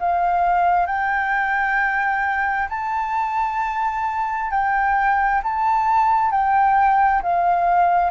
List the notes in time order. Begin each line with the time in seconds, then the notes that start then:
0.00 F5
0.87 G5
2.70 A5
4.51 G5
5.43 A5
6.31 G5
7.23 F5